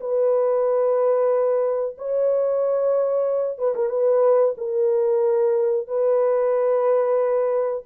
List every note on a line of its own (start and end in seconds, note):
0.00 1.96 B4
1.98 3.58 C#5
3.58 3.74 B4
3.75 3.89 A#4
3.89 4.54 B4
4.57 5.87 A#4
5.87 7.83 B4